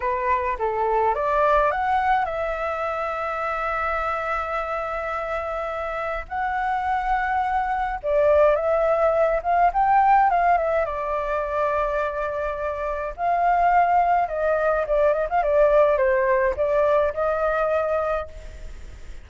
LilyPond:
\new Staff \with { instrumentName = "flute" } { \time 4/4 \tempo 4 = 105 b'4 a'4 d''4 fis''4 | e''1~ | e''2. fis''4~ | fis''2 d''4 e''4~ |
e''8 f''8 g''4 f''8 e''8 d''4~ | d''2. f''4~ | f''4 dis''4 d''8 dis''16 f''16 d''4 | c''4 d''4 dis''2 | }